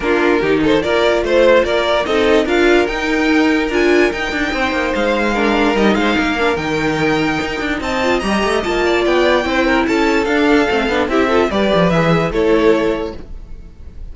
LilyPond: <<
  \new Staff \with { instrumentName = "violin" } { \time 4/4 \tempo 4 = 146 ais'4. c''8 d''4 c''4 | d''4 dis''4 f''4 g''4~ | g''4 gis''4 g''2 | f''2 dis''8 f''4. |
g''2. a''4 | ais''4 a''4 g''2 | a''4 f''2 e''4 | d''4 e''4 cis''2 | }
  \new Staff \with { instrumentName = "violin" } { \time 4/4 f'4 g'8 a'8 ais'4 c''4 | ais'4 a'4 ais'2~ | ais'2. c''4~ | c''4 ais'4. c''8 ais'4~ |
ais'2. dis''4~ | dis''4. d''4. c''8 ais'8 | a'2. g'8 a'8 | b'2 a'2 | }
  \new Staff \with { instrumentName = "viola" } { \time 4/4 d'4 dis'4 f'2~ | f'4 dis'4 f'4 dis'4~ | dis'4 f'4 dis'2~ | dis'4 d'4 dis'4. d'8 |
dis'2.~ dis'8 f'8 | g'4 f'2 e'4~ | e'4 d'4 c'8 d'8 e'8 f'8 | g'4 gis'4 e'2 | }
  \new Staff \with { instrumentName = "cello" } { \time 4/4 ais4 dis4 ais4 a4 | ais4 c'4 d'4 dis'4~ | dis'4 d'4 dis'8 d'8 c'8 ais8 | gis2 g8 gis8 ais4 |
dis2 dis'8 d'8 c'4 | g8 a8 ais4 b4 c'4 | cis'4 d'4 a8 b8 c'4 | g8 f8 e4 a2 | }
>>